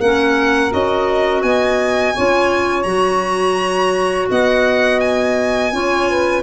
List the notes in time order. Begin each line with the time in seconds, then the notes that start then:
0.00 A#3 C#4 A#4 F#5
0.71 C#4 F#4 D#5
1.43 B3 D#5 G#5
2.14 C#4 F4 C#5
2.83 F#3 F#4 A#5
4.30 B3 D#5 F#5
5.00 G#5
5.72 C#4 F4 C#5
6.08 B4